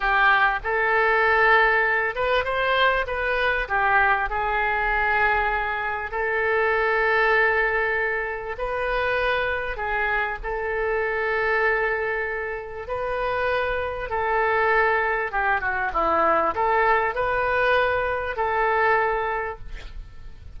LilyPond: \new Staff \with { instrumentName = "oboe" } { \time 4/4 \tempo 4 = 98 g'4 a'2~ a'8 b'8 | c''4 b'4 g'4 gis'4~ | gis'2 a'2~ | a'2 b'2 |
gis'4 a'2.~ | a'4 b'2 a'4~ | a'4 g'8 fis'8 e'4 a'4 | b'2 a'2 | }